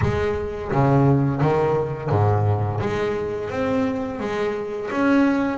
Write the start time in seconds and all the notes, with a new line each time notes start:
0.01 G#3
0.71 C#3
1.41 D#3
2.10 G#2
2.80 G#3
3.49 C4
4.19 G#3
4.91 C#4